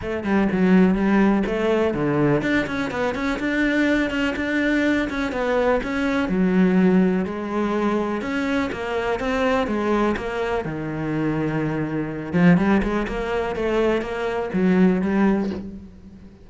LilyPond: \new Staff \with { instrumentName = "cello" } { \time 4/4 \tempo 4 = 124 a8 g8 fis4 g4 a4 | d4 d'8 cis'8 b8 cis'8 d'4~ | d'8 cis'8 d'4. cis'8 b4 | cis'4 fis2 gis4~ |
gis4 cis'4 ais4 c'4 | gis4 ais4 dis2~ | dis4. f8 g8 gis8 ais4 | a4 ais4 fis4 g4 | }